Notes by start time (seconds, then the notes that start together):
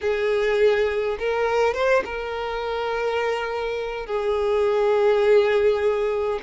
0.01 G#4
1.19 A#4
1.73 C5
2.04 A#4
4.06 G#4